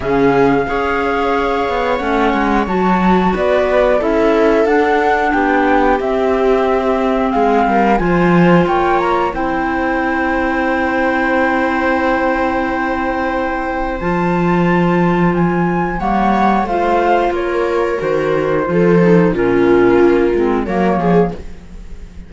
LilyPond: <<
  \new Staff \with { instrumentName = "flute" } { \time 4/4 \tempo 4 = 90 f''2. fis''4 | a''4 d''4 e''4 fis''4 | g''4 e''2 f''4 | gis''4 g''8 ais''8 g''2~ |
g''1~ | g''4 a''2 gis''4 | fis''4 f''4 cis''4 c''4~ | c''4 ais'2 cis''4 | }
  \new Staff \with { instrumentName = "viola" } { \time 4/4 gis'4 cis''2.~ | cis''4 b'4 a'2 | g'2. gis'8 ais'8 | c''4 cis''4 c''2~ |
c''1~ | c''1 | cis''4 c''4 ais'2 | a'4 f'2 ais'8 gis'8 | }
  \new Staff \with { instrumentName = "clarinet" } { \time 4/4 cis'4 gis'2 cis'4 | fis'2 e'4 d'4~ | d'4 c'2. | f'2 e'2~ |
e'1~ | e'4 f'2. | ais4 f'2 fis'4 | f'8 dis'8 cis'4. c'8 ais4 | }
  \new Staff \with { instrumentName = "cello" } { \time 4/4 cis4 cis'4. b8 a8 gis8 | fis4 b4 cis'4 d'4 | b4 c'2 gis8 g8 | f4 ais4 c'2~ |
c'1~ | c'4 f2. | g4 a4 ais4 dis4 | f4 ais,4 ais8 gis8 fis8 f8 | }
>>